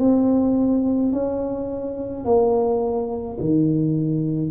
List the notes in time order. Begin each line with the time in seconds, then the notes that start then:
0.00 C4
1.13 C#4
2.25 A#3
3.41 D#3